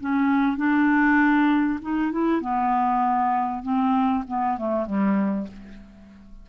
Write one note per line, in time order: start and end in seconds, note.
0.00 0.57 C#4
0.57 1.79 D4
1.82 2.12 D#4
2.12 2.41 E4
2.41 3.62 B3
3.62 4.23 C4
4.27 4.58 B3
4.58 4.86 A3
4.86 5.47 G3